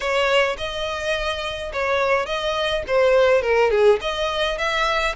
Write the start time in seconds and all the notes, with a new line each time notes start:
0.00 C#5
0.57 D#5
1.72 C#5
2.25 D#5
2.87 C5
3.42 A#4
3.71 G#4
4.01 D#5
4.58 E5